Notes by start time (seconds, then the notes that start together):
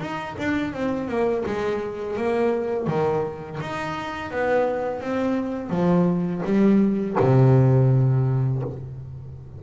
0.00 D#4
0.38 D4
0.73 C4
1.08 A#3
1.45 G#3
2.16 A#3
2.87 D#3
3.60 D#4
4.31 B3
5.00 C4
5.69 F3
6.44 G3
7.19 C3